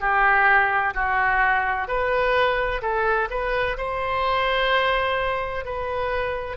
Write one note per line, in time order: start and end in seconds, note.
0.00 0.94 G4
0.94 1.87 F#4
1.87 2.81 B4
2.81 3.28 A4
3.30 3.77 B4
3.77 5.65 C5
5.65 6.56 B4